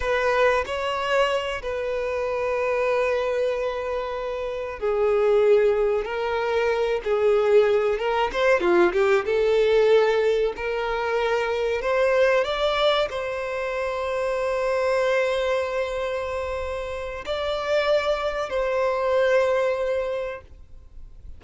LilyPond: \new Staff \with { instrumentName = "violin" } { \time 4/4 \tempo 4 = 94 b'4 cis''4. b'4.~ | b'2.~ b'8 gis'8~ | gis'4. ais'4. gis'4~ | gis'8 ais'8 c''8 f'8 g'8 a'4.~ |
a'8 ais'2 c''4 d''8~ | d''8 c''2.~ c''8~ | c''2. d''4~ | d''4 c''2. | }